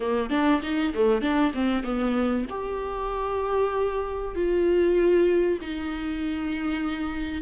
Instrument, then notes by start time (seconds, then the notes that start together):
viola
0.00 A#3
0.30 D4
0.62 D#4
0.94 A3
1.21 D4
1.54 C4
1.83 B3
2.49 G4
4.35 F4
5.61 D#4